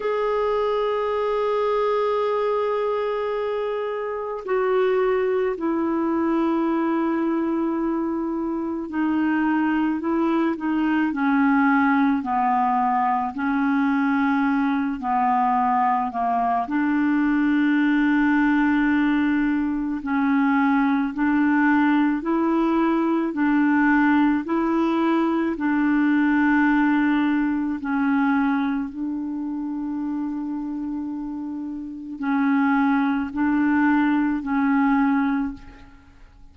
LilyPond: \new Staff \with { instrumentName = "clarinet" } { \time 4/4 \tempo 4 = 54 gis'1 | fis'4 e'2. | dis'4 e'8 dis'8 cis'4 b4 | cis'4. b4 ais8 d'4~ |
d'2 cis'4 d'4 | e'4 d'4 e'4 d'4~ | d'4 cis'4 d'2~ | d'4 cis'4 d'4 cis'4 | }